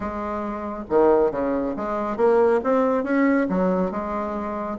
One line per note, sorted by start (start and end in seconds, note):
0.00 0.84 G#3
0.89 1.31 D#3
1.31 1.74 C#3
1.76 2.16 G#3
2.16 2.60 A#3
2.63 3.03 C4
3.03 3.47 C#4
3.49 3.91 F#3
3.91 4.78 G#3